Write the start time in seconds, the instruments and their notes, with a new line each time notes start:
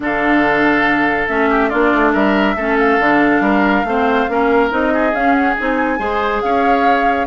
0.00 bassoon D3, clarinet D4, oboe A4, flute F5
1.28 bassoon A3, clarinet C#4, flute E5
1.50 oboe G4
1.69 bassoon A#3, clarinet D4, oboe F4, flute D5
1.93 bassoon A3
2.12 bassoon G3, oboe A#4, flute E5
2.55 bassoon A3, clarinet C#4, oboe A4
2.79 flute F5
2.99 bassoon D3, clarinet D4
3.40 bassoon G3, oboe A#4
3.84 bassoon A3, clarinet C4, oboe C5
4.28 bassoon A#3, clarinet C#4, oboe A#4
4.69 bassoon C4, clarinet D#4, flute D#5
4.93 oboe G#4
5.12 bassoon C#4, clarinet C#4, flute F5
5.32 flute F#5
5.57 bassoon C4, clarinet D#4, flute G#5
5.98 bassoon G#3, clarinet G#4, oboe C5
6.41 bassoon C#4, oboe C#5, flute F5